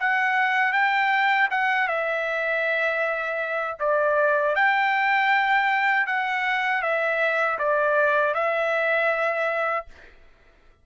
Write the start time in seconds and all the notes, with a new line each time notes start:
0.00 F#5
0.72 G5
1.51 F#5
1.88 E5
3.79 D5
4.55 G5
6.07 F#5
6.83 E5
7.59 D5
8.34 E5